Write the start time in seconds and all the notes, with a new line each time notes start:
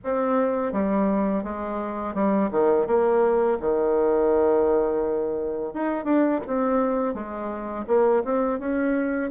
0.04 C4
0.72 G3
1.43 G#3
2.14 G3
2.51 D#3
2.86 A#3
3.60 D#3
5.73 D#4
6.04 D4
6.46 C4
7.14 G#3
7.87 A#3
8.24 C4
8.59 C#4